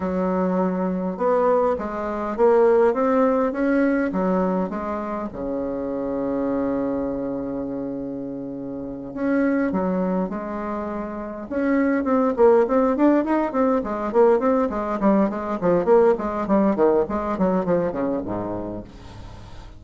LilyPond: \new Staff \with { instrumentName = "bassoon" } { \time 4/4 \tempo 4 = 102 fis2 b4 gis4 | ais4 c'4 cis'4 fis4 | gis4 cis2.~ | cis2.~ cis8 cis'8~ |
cis'8 fis4 gis2 cis'8~ | cis'8 c'8 ais8 c'8 d'8 dis'8 c'8 gis8 | ais8 c'8 gis8 g8 gis8 f8 ais8 gis8 | g8 dis8 gis8 fis8 f8 cis8 gis,4 | }